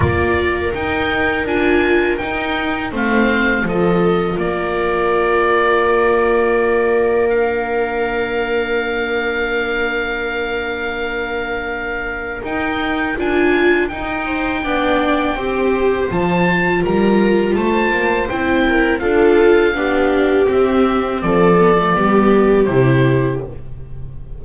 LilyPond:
<<
  \new Staff \with { instrumentName = "oboe" } { \time 4/4 \tempo 4 = 82 d''4 g''4 gis''4 g''4 | f''4 dis''4 d''2~ | d''2 f''2~ | f''1~ |
f''4 g''4 gis''4 g''4~ | g''2 a''4 ais''4 | a''4 g''4 f''2 | e''4 d''2 c''4 | }
  \new Staff \with { instrumentName = "viola" } { \time 4/4 ais'1 | c''4 a'4 ais'2~ | ais'1~ | ais'1~ |
ais'2.~ ais'8 c''8 | d''4 c''2 ais'4 | c''4. ais'8 a'4 g'4~ | g'4 a'4 g'2 | }
  \new Staff \with { instrumentName = "viola" } { \time 4/4 f'4 dis'4 f'4 dis'4 | c'4 f'2.~ | f'2 d'2~ | d'1~ |
d'4 dis'4 f'4 dis'4 | d'4 g'4 f'2~ | f'4 e'4 f'4 d'4 | c'4. b16 a16 b4 e'4 | }
  \new Staff \with { instrumentName = "double bass" } { \time 4/4 ais4 dis'4 d'4 dis'4 | a4 f4 ais2~ | ais1~ | ais1~ |
ais4 dis'4 d'4 dis'4 | b4 c'4 f4 g4 | a8 ais8 c'4 d'4 b4 | c'4 f4 g4 c4 | }
>>